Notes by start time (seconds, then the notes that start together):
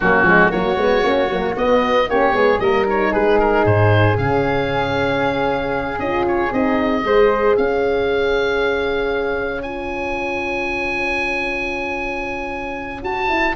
0.00 F#3 A#3 C#4 F#4
0.22 F3 G#3
0.48 F#3 A#3 F#4 C#5
0.77 G#3 B3
1.02 A#3 C#4
1.29 F#3 A#3
1.56 B3 D#5
2.08 A#3 C#4 G4 C#5
2.32 G#3 B3 G#4
2.59 G3 A#3 A#4 D#5
2.87 D#4 C#5
3.11 G#3 G#4 B4
3.39 A#4
3.65 G#2 C5
4.17 C#3 C#4 F5
5.98 C#4 F4 D#5
6.27 C#5
6.51 C4 D#4 D#5
7.03 G#3 G#4 C5
7.56 C#4 C#5 F5
9.62 F4 G#5
13.02 F#4 A5
13.29 E4